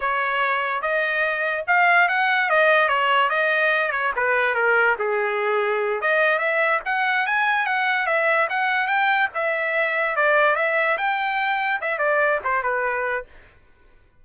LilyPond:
\new Staff \with { instrumentName = "trumpet" } { \time 4/4 \tempo 4 = 145 cis''2 dis''2 | f''4 fis''4 dis''4 cis''4 | dis''4. cis''8 b'4 ais'4 | gis'2~ gis'8 dis''4 e''8~ |
e''8 fis''4 gis''4 fis''4 e''8~ | e''8 fis''4 g''4 e''4.~ | e''8 d''4 e''4 g''4.~ | g''8 e''8 d''4 c''8 b'4. | }